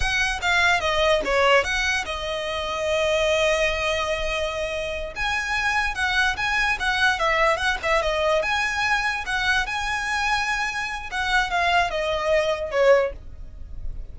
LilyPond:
\new Staff \with { instrumentName = "violin" } { \time 4/4 \tempo 4 = 146 fis''4 f''4 dis''4 cis''4 | fis''4 dis''2.~ | dis''1~ | dis''8 gis''2 fis''4 gis''8~ |
gis''8 fis''4 e''4 fis''8 e''8 dis''8~ | dis''8 gis''2 fis''4 gis''8~ | gis''2. fis''4 | f''4 dis''2 cis''4 | }